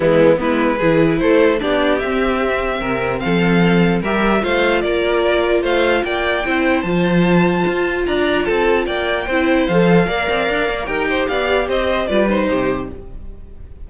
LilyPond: <<
  \new Staff \with { instrumentName = "violin" } { \time 4/4 \tempo 4 = 149 e'4 b'2 c''4 | d''4 e''2. | f''2 e''4 f''4 | d''2 f''4 g''4~ |
g''4 a''2. | ais''4 a''4 g''2 | f''2. g''4 | f''4 dis''4 d''8 c''4. | }
  \new Staff \with { instrumentName = "violin" } { \time 4/4 b4 e'4 gis'4 a'4 | g'2. ais'4 | a'2 ais'4 c''4 | ais'2 c''4 d''4 |
c''1 | d''4 a'4 d''4 c''4~ | c''4 d''2 ais'8 c''8 | d''4 c''4 b'4 g'4 | }
  \new Staff \with { instrumentName = "viola" } { \time 4/4 gis4 b4 e'2 | d'4 c'2.~ | c'2 g'4 f'4~ | f'1 |
e'4 f'2.~ | f'2. e'4 | a'4 ais'2 g'4~ | g'2 f'8 dis'4. | }
  \new Staff \with { instrumentName = "cello" } { \time 4/4 e4 gis4 e4 a4 | b4 c'2 c4 | f2 g4 a4 | ais2 a4 ais4 |
c'4 f2 f'4 | d'4 c'4 ais4 c'4 | f4 ais8 c'8 d'8 ais8 dis'4 | b4 c'4 g4 c4 | }
>>